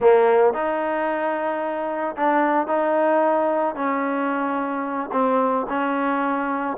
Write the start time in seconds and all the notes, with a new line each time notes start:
0.00 A#3
0.53 D#4
2.16 D4
2.67 D#4
3.75 C#4
5.12 C4
5.69 C#4